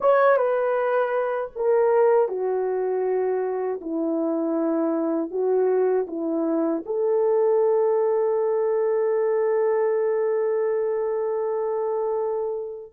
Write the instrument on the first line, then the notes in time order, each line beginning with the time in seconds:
horn
0.00 C#5
0.37 B4
1.55 A#4
2.28 F#4
3.81 E4
5.30 F#4
6.07 E4
6.85 A4